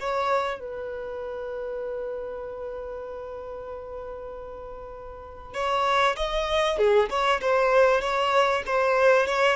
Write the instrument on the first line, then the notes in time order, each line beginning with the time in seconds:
violin
0.00 C#5
0.60 B4
5.54 C#5
6.17 D#5
6.79 G#4
7.10 C#5
7.41 C5
8.01 C#5
8.67 C5
9.27 C#5